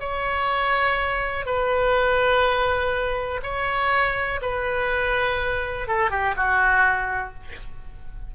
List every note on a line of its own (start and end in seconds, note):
0.00 1.46 C#5
1.46 3.41 B4
3.43 4.40 C#5
4.42 5.88 B4
5.88 6.11 A4
6.11 6.35 G4
6.37 7.34 F#4